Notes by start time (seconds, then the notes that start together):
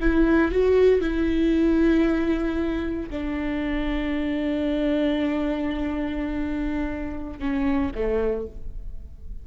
0.00 E4
0.52 F#4
1.01 E4
3.10 D4
7.39 C#4
7.95 A3